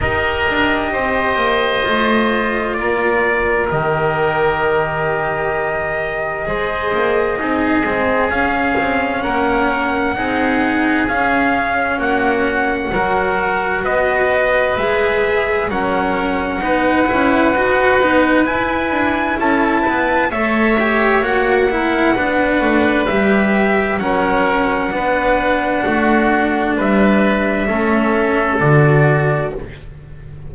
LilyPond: <<
  \new Staff \with { instrumentName = "trumpet" } { \time 4/4 \tempo 4 = 65 dis''2. d''4 | dis''1~ | dis''4 f''4 fis''2 | f''4 fis''2 dis''4 |
e''4 fis''2. | gis''4 a''4 e''4 fis''4~ | fis''4 e''4 fis''2~ | fis''4 e''2 d''4 | }
  \new Staff \with { instrumentName = "oboe" } { \time 4/4 ais'4 c''2 ais'4~ | ais'2. c''4 | gis'2 ais'4 gis'4~ | gis'4 fis'4 ais'4 b'4~ |
b'4 ais'4 b'2~ | b'4 a'8 b'8 cis''4. ais'8 | b'2 ais'4 b'4 | fis'4 b'4 a'2 | }
  \new Staff \with { instrumentName = "cello" } { \time 4/4 g'2 f'2 | g'2. gis'4 | dis'8 c'8 cis'2 dis'4 | cis'2 fis'2 |
gis'4 cis'4 dis'8 e'8 fis'8 dis'8 | e'2 a'8 g'8 fis'8 e'8 | d'4 g'4 cis'4 d'4~ | d'2 cis'4 fis'4 | }
  \new Staff \with { instrumentName = "double bass" } { \time 4/4 dis'8 d'8 c'8 ais8 a4 ais4 | dis2. gis8 ais8 | c'8 gis8 cis'8 c'8 ais4 c'4 | cis'4 ais4 fis4 b4 |
gis4 fis4 b8 cis'8 dis'8 b8 | e'8 d'8 cis'8 b8 a4 ais4 | b8 a8 g4 fis4 b4 | a4 g4 a4 d4 | }
>>